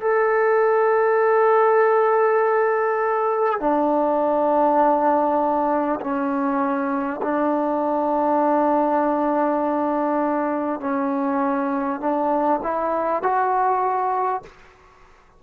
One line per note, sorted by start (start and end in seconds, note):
0.00 3.59 A4
3.59 5.99 D4
6.01 7.21 C#4
7.22 10.80 D4
10.80 12.00 C#4
12.00 12.60 D4
12.63 13.22 E4
13.22 14.42 F#4